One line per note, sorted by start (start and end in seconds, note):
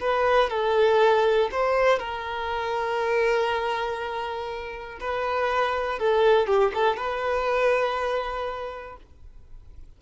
0.00 0.50 B4
0.50 1.50 A4
1.51 1.99 C5
1.99 4.99 A#4
5.00 5.99 B4
5.99 6.47 A4
6.47 6.72 G4
6.74 6.97 A4
6.97 8.97 B4